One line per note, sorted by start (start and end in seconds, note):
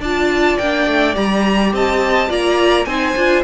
0.00 0.57 D4
0.00 0.62 F4
0.00 1.72 D5
0.00 0.58 A5
0.58 0.87 A#3
0.58 1.14 D4
0.58 1.15 G5
0.87 1.16 A3
1.14 1.73 G3
1.14 2.29 G4
1.14 1.73 A#5
1.73 2.30 C4
1.73 2.29 D#5
1.73 2.32 A5
2.29 2.86 A#3
2.29 2.86 F4
2.29 2.86 D5
2.29 2.85 A#5
2.85 3.15 C4
2.85 3.16 D#4
2.85 3.44 C5
2.85 3.42 G#5
3.16 3.44 D4
3.16 3.44 F4